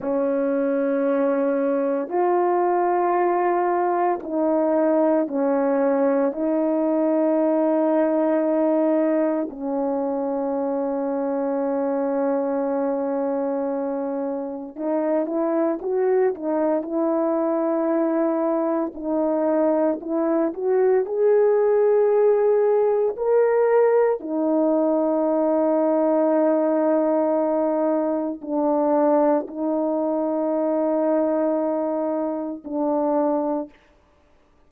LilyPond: \new Staff \with { instrumentName = "horn" } { \time 4/4 \tempo 4 = 57 cis'2 f'2 | dis'4 cis'4 dis'2~ | dis'4 cis'2.~ | cis'2 dis'8 e'8 fis'8 dis'8 |
e'2 dis'4 e'8 fis'8 | gis'2 ais'4 dis'4~ | dis'2. d'4 | dis'2. d'4 | }